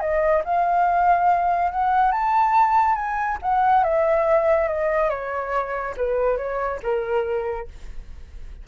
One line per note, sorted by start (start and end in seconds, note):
0.00 0.43 D#5
0.44 1.72 F5
1.72 2.11 F#5
2.11 2.95 A5
2.95 3.38 G#5
3.42 3.84 F#5
3.84 4.68 E5
4.68 5.10 D#5
5.10 5.95 C#5
5.97 6.37 B4
6.37 6.80 C#5
6.83 7.68 A#4